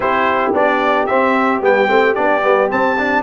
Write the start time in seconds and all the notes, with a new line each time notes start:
0.00 C4 E4 G4 C5
0.52 B3 D4 D5
1.06 C4 E5
1.60 G3 B3 G5
1.88 A3 C4
2.15 B3 D4 D5
2.43 G3 B3
2.69 C4 A5
2.97 D4